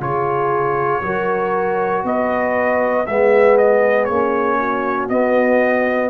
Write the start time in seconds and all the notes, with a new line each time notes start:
0.00 C#3 F4 G#4 C#5
1.02 F#3 F#4 A#4
2.04 B3 B4 D#5
3.05 G#3 B3 G#4 E5
3.57 D#5
4.05 A#3 C#4 C#5
4.60 F#4
5.09 B3 D#5